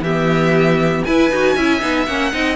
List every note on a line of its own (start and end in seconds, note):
0.00 1.02 E3
0.00 1.05 G4
0.00 1.04 E5
0.06 1.06 B3
1.04 1.32 E4
1.04 1.30 E4
1.04 1.55 B4
1.04 2.05 G#5
1.30 1.56 D#4
1.30 1.58 F#4
1.55 1.81 C#4
1.55 1.80 E4
1.55 2.32 E5
1.80 2.07 B3
1.80 2.06 D#4
2.05 2.32 A#3
2.05 2.32 C#4
2.05 2.55 F#5
2.32 2.55 C4
2.32 2.55 D#4
2.32 2.55 D#5